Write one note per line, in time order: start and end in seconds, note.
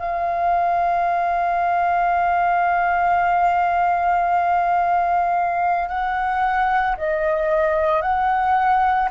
0.00 5.89 F5
5.89 6.96 F#5
6.97 8.02 D#5
8.02 9.09 F#5